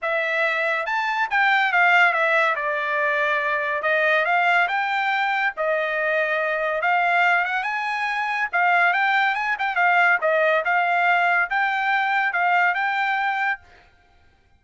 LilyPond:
\new Staff \with { instrumentName = "trumpet" } { \time 4/4 \tempo 4 = 141 e''2 a''4 g''4 | f''4 e''4 d''2~ | d''4 dis''4 f''4 g''4~ | g''4 dis''2. |
f''4. fis''8 gis''2 | f''4 g''4 gis''8 g''8 f''4 | dis''4 f''2 g''4~ | g''4 f''4 g''2 | }